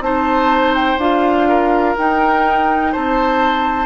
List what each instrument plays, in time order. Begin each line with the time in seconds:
0.00 bassoon C4, clarinet D#4, oboe C5, flute A5
0.75 flute G5
0.98 bassoon D4, clarinet F4, flute F5
1.49 oboe A#4
1.97 clarinet D#4, bassoon D#4, flute G5
2.92 bassoon C4, oboe C5, flute A5